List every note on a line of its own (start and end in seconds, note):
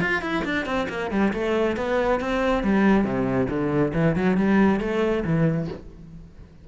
0.00 0.22 F4
0.22 0.43 E4
0.44 0.65 D4
0.65 0.87 C4
0.89 1.10 A#3
1.10 1.32 G3
1.33 1.76 A3
1.76 2.20 B3
2.20 2.63 C4
2.63 3.04 G3
3.04 3.47 C3
3.49 3.92 D3
3.94 4.15 E3
4.15 4.37 F#3
4.37 4.80 G3
4.80 5.23 A3
5.24 5.67 E3